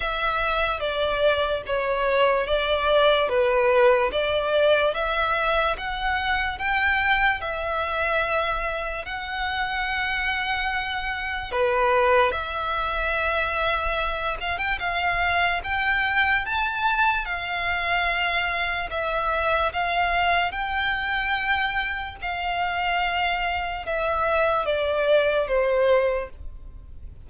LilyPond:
\new Staff \with { instrumentName = "violin" } { \time 4/4 \tempo 4 = 73 e''4 d''4 cis''4 d''4 | b'4 d''4 e''4 fis''4 | g''4 e''2 fis''4~ | fis''2 b'4 e''4~ |
e''4. f''16 g''16 f''4 g''4 | a''4 f''2 e''4 | f''4 g''2 f''4~ | f''4 e''4 d''4 c''4 | }